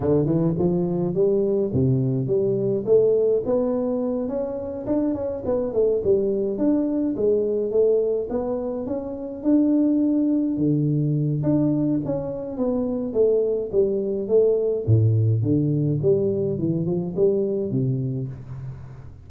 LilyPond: \new Staff \with { instrumentName = "tuba" } { \time 4/4 \tempo 4 = 105 d8 e8 f4 g4 c4 | g4 a4 b4. cis'8~ | cis'8 d'8 cis'8 b8 a8 g4 d'8~ | d'8 gis4 a4 b4 cis'8~ |
cis'8 d'2 d4. | d'4 cis'4 b4 a4 | g4 a4 a,4 d4 | g4 e8 f8 g4 c4 | }